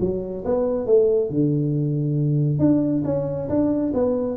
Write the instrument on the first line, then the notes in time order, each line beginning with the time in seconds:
tuba
0.00 F#3
0.45 B3
0.86 A3
1.30 D3
2.59 D4
3.05 C#4
3.49 D4
3.94 B3